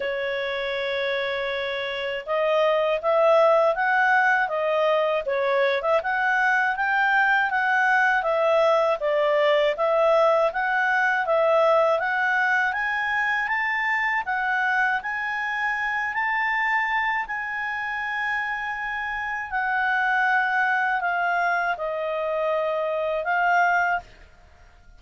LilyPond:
\new Staff \with { instrumentName = "clarinet" } { \time 4/4 \tempo 4 = 80 cis''2. dis''4 | e''4 fis''4 dis''4 cis''8. e''16 | fis''4 g''4 fis''4 e''4 | d''4 e''4 fis''4 e''4 |
fis''4 gis''4 a''4 fis''4 | gis''4. a''4. gis''4~ | gis''2 fis''2 | f''4 dis''2 f''4 | }